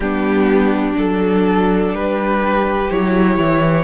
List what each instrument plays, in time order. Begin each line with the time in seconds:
0.00 cello G3, viola B3, violin D4 G4
0.93 cello F#3, viola D4, violin A4
1.93 cello G3, violin G4 B4
2.90 cello F#3, viola E4, violin C#5
3.37 cello E3